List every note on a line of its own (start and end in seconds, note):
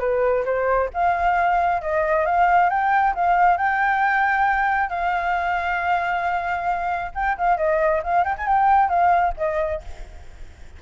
0.00 0.44 B4
0.45 0.90 C5
0.94 1.82 F5
1.82 2.26 D#5
2.26 2.70 F5
2.70 3.14 G5
3.15 3.57 F5
3.57 4.90 G5
4.90 7.12 F5
7.15 7.37 G5
7.38 7.58 F5
7.58 8.02 D#5
8.03 8.25 F5
8.25 8.36 G5
8.38 8.47 G#5
8.47 8.89 G5
8.89 9.34 F5
9.37 9.82 D#5